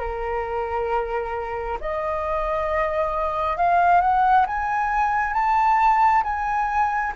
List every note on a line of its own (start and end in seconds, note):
0.00 1.79 A#4
1.81 3.57 D#5
3.57 4.02 F5
4.02 4.47 F#5
4.47 5.34 G#5
5.34 6.24 A5
6.24 7.14 G#5